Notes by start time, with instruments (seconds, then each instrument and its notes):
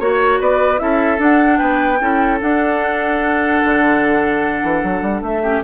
0.00 bassoon A#3, clarinet F#4, oboe C#5, flute C#5
0.40 bassoon B3, oboe B4, flute D5
0.78 bassoon C#4, clarinet E4, oboe A4, flute E5
1.18 clarinet D4, bassoon D4, flute F#5
1.59 bassoon B3, oboe B4, flute G5
2.01 bassoon C#4, clarinet E4, oboe A4
2.42 clarinet D4, bassoon D4, flute F#5
3.64 bassoon D3
4.63 bassoon E3
4.84 bassoon F#3
5.03 bassoon G3
5.22 bassoon A3, flute E5
5.43 clarinet C#4, oboe G4